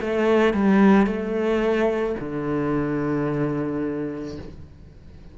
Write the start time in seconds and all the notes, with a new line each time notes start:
0.00 A3
0.53 G3
1.06 A3
2.19 D3